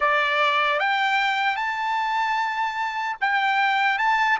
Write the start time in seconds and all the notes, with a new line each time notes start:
0.00 D5
0.79 G5
1.56 A5
3.20 G5
3.98 A5